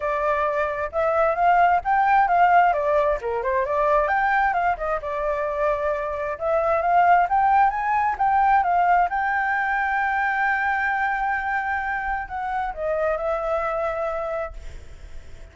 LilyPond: \new Staff \with { instrumentName = "flute" } { \time 4/4 \tempo 4 = 132 d''2 e''4 f''4 | g''4 f''4 d''4 ais'8 c''8 | d''4 g''4 f''8 dis''8 d''4~ | d''2 e''4 f''4 |
g''4 gis''4 g''4 f''4 | g''1~ | g''2. fis''4 | dis''4 e''2. | }